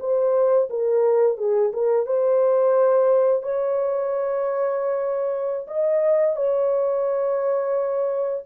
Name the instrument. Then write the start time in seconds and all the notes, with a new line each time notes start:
horn
0.00 C5
0.70 A#4
1.38 G#4
1.73 A#4
2.06 C5
3.43 C#5
5.68 D#5
6.37 C#5